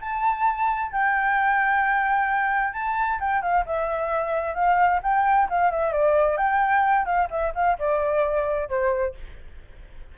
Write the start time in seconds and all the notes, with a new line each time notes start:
0.00 A5
0.91 G5
2.73 A5
3.20 G5
3.42 F5
3.65 E5
4.54 F5
5.03 G5
5.49 F5
5.71 E5
5.92 D5
6.37 G5
7.05 F5
7.30 E5
7.55 F5
7.78 D5
8.69 C5